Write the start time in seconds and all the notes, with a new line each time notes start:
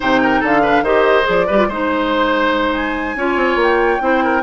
0.00 C3 D#4 C5 G5
0.22 A#4
0.40 D3 A4 F5
0.62 D4 B4
0.82 D#3 G4 C5 D#5
1.23 F3 G#4
1.29 D5
1.46 G3 G4 B4
1.57 F4
1.68 G#3 D#4 C5
2.73 G#5
3.15 C#4 F4 C#5
3.36 C4
3.55 A#3
3.62 G5
4.00 C4 E4 C5
4.23 A#4